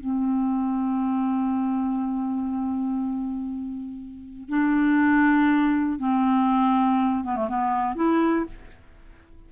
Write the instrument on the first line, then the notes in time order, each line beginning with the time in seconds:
clarinet
0.00 C4
4.49 D4
5.99 C4
7.24 B3
7.36 A3
7.49 B3
7.96 E4